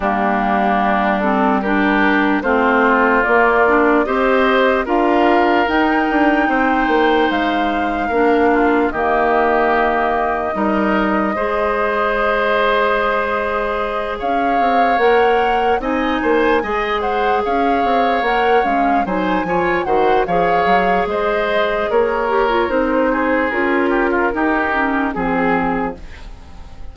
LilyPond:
<<
  \new Staff \with { instrumentName = "flute" } { \time 4/4 \tempo 4 = 74 g'4. a'8 ais'4 c''4 | d''4 dis''4 f''4 g''4~ | g''4 f''2 dis''4~ | dis''1~ |
dis''4. f''4 fis''4 gis''8~ | gis''4 fis''8 f''4 fis''8 f''8 gis''8~ | gis''8 fis''8 f''4 dis''4 cis''4 | c''4 ais'2 gis'4 | }
  \new Staff \with { instrumentName = "oboe" } { \time 4/4 d'2 g'4 f'4~ | f'4 c''4 ais'2 | c''2 ais'8 f'8 g'4~ | g'4 ais'4 c''2~ |
c''4. cis''2 dis''8 | c''8 dis''8 c''8 cis''2 c''8 | cis''8 c''8 cis''4 c''4 ais'4~ | ais'8 gis'4 g'16 f'16 g'4 gis'4 | }
  \new Staff \with { instrumentName = "clarinet" } { \time 4/4 ais4. c'8 d'4 c'4 | ais8 d'8 g'4 f'4 dis'4~ | dis'2 d'4 ais4~ | ais4 dis'4 gis'2~ |
gis'2~ gis'8 ais'4 dis'8~ | dis'8 gis'2 ais'8 cis'8 dis'8 | f'8 fis'8 gis'2~ gis'8 g'16 f'16 | dis'4 f'4 dis'8 cis'8 c'4 | }
  \new Staff \with { instrumentName = "bassoon" } { \time 4/4 g2. a4 | ais4 c'4 d'4 dis'8 d'8 | c'8 ais8 gis4 ais4 dis4~ | dis4 g4 gis2~ |
gis4. cis'8 c'8 ais4 c'8 | ais8 gis4 cis'8 c'8 ais8 gis8 fis8 | f8 dis8 f8 fis8 gis4 ais4 | c'4 cis'4 dis'4 f4 | }
>>